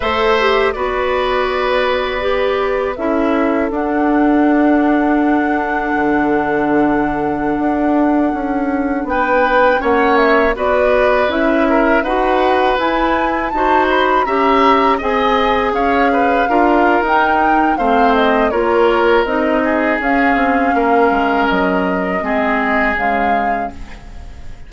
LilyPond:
<<
  \new Staff \with { instrumentName = "flute" } { \time 4/4 \tempo 4 = 81 e''4 d''2. | e''4 fis''2.~ | fis''1~ | fis''16 g''4 fis''8 e''8 d''4 e''8.~ |
e''16 fis''4 gis''4 a''8 b''8 ais''8.~ | ais''16 gis''4 f''4.~ f''16 g''4 | f''8 dis''8 cis''4 dis''4 f''4~ | f''4 dis''2 f''4 | }
  \new Staff \with { instrumentName = "oboe" } { \time 4/4 c''4 b'2. | a'1~ | a'1~ | a'16 b'4 cis''4 b'4. ais'16~ |
ais'16 b'2 c''4 e''8.~ | e''16 dis''4 cis''8 b'8 ais'4.~ ais'16 | c''4 ais'4. gis'4. | ais'2 gis'2 | }
  \new Staff \with { instrumentName = "clarinet" } { \time 4/4 a'8 g'8 fis'2 g'4 | e'4 d'2.~ | d'1~ | d'4~ d'16 cis'4 fis'4 e'8.~ |
e'16 fis'4 e'4 fis'4 g'8.~ | g'16 gis'2 f'8. dis'4 | c'4 f'4 dis'4 cis'4~ | cis'2 c'4 gis4 | }
  \new Staff \with { instrumentName = "bassoon" } { \time 4/4 a4 b2. | cis'4 d'2. | d2~ d16 d'4 cis'8.~ | cis'16 b4 ais4 b4 cis'8.~ |
cis'16 dis'4 e'4 dis'4 cis'8.~ | cis'16 c'4 cis'4 d'8. dis'4 | a4 ais4 c'4 cis'8 c'8 | ais8 gis8 fis4 gis4 cis4 | }
>>